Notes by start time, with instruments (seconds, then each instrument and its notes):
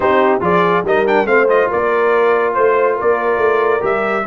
0.00 tuba C4, trombone D#4, horn G4, trumpet C5
0.40 tuba F3, trombone F4, horn G#4, trumpet D5
0.83 tuba G3, trombone D#4, horn A#4, trumpet D#5
1.05 trombone D4, trumpet G5
1.24 tuba A3, trombone C4, horn C5, trumpet F5
1.48 trombone F4, trumpet D#5
1.69 tuba A#3, horn A#4, trumpet D5
2.54 tuba A3, trumpet C5, horn C5
2.96 tuba A#3, horn A#4, trumpet D5
3.37 tuba A3
3.80 tuba G3, trombone G4, trumpet E5